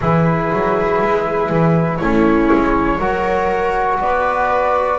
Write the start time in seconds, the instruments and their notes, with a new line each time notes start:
0.00 double bass E3, trombone E4, viola G#4, flute B4
0.52 double bass F#3
1.01 double bass G#3
1.49 double bass E3
1.97 double bass A3, trombone C#4, viola E4, flute C#5
2.52 double bass G#3
2.99 double bass F#3, trombone F#4, viola A#4
3.99 double bass B3, viola B4, flute D5